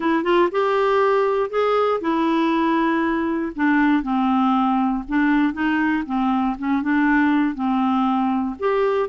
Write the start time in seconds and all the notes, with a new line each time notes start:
0.00 E4
0.23 F4
0.51 G4
1.50 G#4
2.01 E4
3.55 D4
4.02 C4
5.08 D4
5.53 D#4
6.06 C4
6.58 C#4
6.82 D4
7.54 C4
8.59 G4